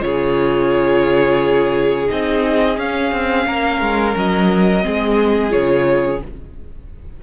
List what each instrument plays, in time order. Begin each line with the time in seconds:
0.00 cello C#3, viola F4, violin G#4 C#5
2.07 cello C4, viola D#4, violin D#5
2.76 viola C#4, cello C#4, violin F5
3.12 cello C4
3.47 cello A#3, violin A#4
3.81 cello G#3
4.16 cello F#3, violin D#5
4.81 cello G#3, viola C4, violin G#4
5.49 cello C#3, viola F4, violin C#5